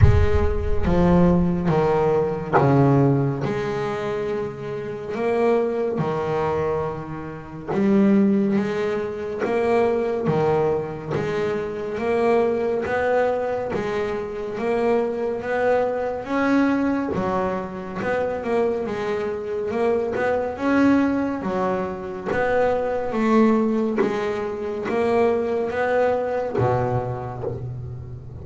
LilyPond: \new Staff \with { instrumentName = "double bass" } { \time 4/4 \tempo 4 = 70 gis4 f4 dis4 cis4 | gis2 ais4 dis4~ | dis4 g4 gis4 ais4 | dis4 gis4 ais4 b4 |
gis4 ais4 b4 cis'4 | fis4 b8 ais8 gis4 ais8 b8 | cis'4 fis4 b4 a4 | gis4 ais4 b4 b,4 | }